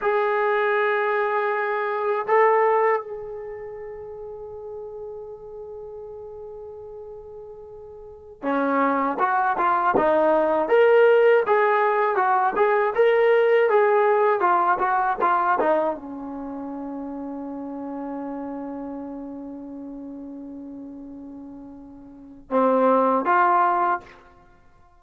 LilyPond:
\new Staff \with { instrumentName = "trombone" } { \time 4/4 \tempo 4 = 80 gis'2. a'4 | gis'1~ | gis'2.~ gis'16 cis'8.~ | cis'16 fis'8 f'8 dis'4 ais'4 gis'8.~ |
gis'16 fis'8 gis'8 ais'4 gis'4 f'8 fis'16~ | fis'16 f'8 dis'8 cis'2~ cis'8.~ | cis'1~ | cis'2 c'4 f'4 | }